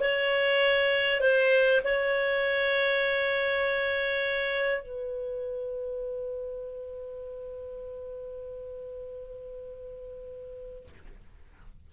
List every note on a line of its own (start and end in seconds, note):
0.00 1.21 C#5
1.21 1.81 C5
1.84 4.82 C#5
4.82 10.88 B4